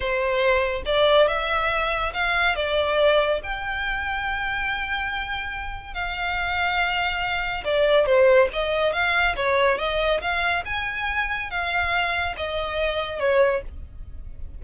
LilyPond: \new Staff \with { instrumentName = "violin" } { \time 4/4 \tempo 4 = 141 c''2 d''4 e''4~ | e''4 f''4 d''2 | g''1~ | g''2 f''2~ |
f''2 d''4 c''4 | dis''4 f''4 cis''4 dis''4 | f''4 gis''2 f''4~ | f''4 dis''2 cis''4 | }